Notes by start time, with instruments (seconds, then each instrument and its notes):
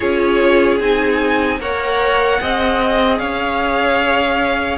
0.00 cello C#4, viola F4, violin G#4 C#5
0.80 cello C4, viola D#4, violin G#5
1.59 cello A#3, viola A#4, violin C#5 F#5
2.40 cello C4, viola G#4, violin D#5
3.18 cello C#4, violin C#5 F5